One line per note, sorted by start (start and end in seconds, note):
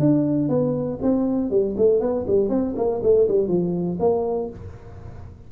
0.00 0.49 D4
0.49 0.99 B3
1.02 1.51 C4
1.51 1.76 G3
1.77 2.01 A3
2.01 2.26 B3
2.27 2.50 G3
2.50 2.75 C4
2.76 3.01 A#3
3.03 3.28 A3
3.28 3.48 G3
3.48 3.98 F3
4.00 4.50 A#3